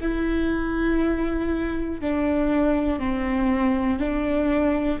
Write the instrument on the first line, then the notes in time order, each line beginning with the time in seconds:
viola
0.00 E4
2.00 D4
2.99 C4
3.99 D4